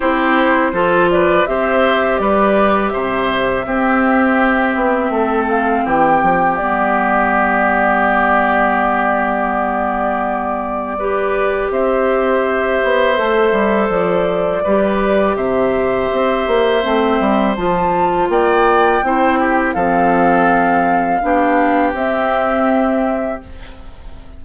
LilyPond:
<<
  \new Staff \with { instrumentName = "flute" } { \time 4/4 \tempo 4 = 82 c''4. d''8 e''4 d''4 | e''2.~ e''8 f''8 | g''4 d''2.~ | d''1 |
e''2. d''4~ | d''4 e''2. | a''4 g''2 f''4~ | f''2 e''2 | }
  \new Staff \with { instrumentName = "oboe" } { \time 4/4 g'4 a'8 b'8 c''4 b'4 | c''4 g'2 a'4 | g'1~ | g'2. b'4 |
c''1 | b'4 c''2.~ | c''4 d''4 c''8 g'8 a'4~ | a'4 g'2. | }
  \new Staff \with { instrumentName = "clarinet" } { \time 4/4 e'4 f'4 g'2~ | g'4 c'2.~ | c'4 b2.~ | b2. g'4~ |
g'2 a'2 | g'2. c'4 | f'2 e'4 c'4~ | c'4 d'4 c'2 | }
  \new Staff \with { instrumentName = "bassoon" } { \time 4/4 c'4 f4 c'4 g4 | c4 c'4. b8 a4 | e8 f8 g2.~ | g1 |
c'4. b8 a8 g8 f4 | g4 c4 c'8 ais8 a8 g8 | f4 ais4 c'4 f4~ | f4 b4 c'2 | }
>>